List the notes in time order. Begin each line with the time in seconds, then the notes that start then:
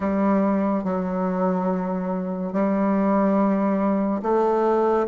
0.00 G3
0.83 F#3
2.52 G3
4.22 A3